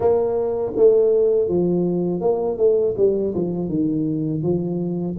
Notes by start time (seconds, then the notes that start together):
0.00 A#3
0.75 A3
1.48 F3
2.20 A#3
2.57 A3
2.97 G3
3.35 F3
3.68 D#3
4.42 F3